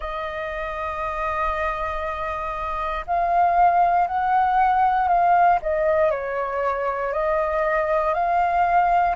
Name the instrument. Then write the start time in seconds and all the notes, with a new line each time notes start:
flute
0.00 D#5
3.06 F5
4.07 F#5
5.08 F5
5.62 D#5
6.11 C#5
7.12 D#5
8.14 F5